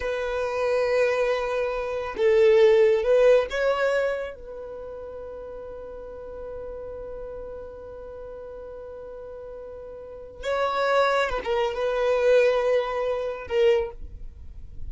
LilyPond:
\new Staff \with { instrumentName = "violin" } { \time 4/4 \tempo 4 = 138 b'1~ | b'4 a'2 b'4 | cis''2 b'2~ | b'1~ |
b'1~ | b'1 | cis''2 b'16 ais'8. b'4~ | b'2. ais'4 | }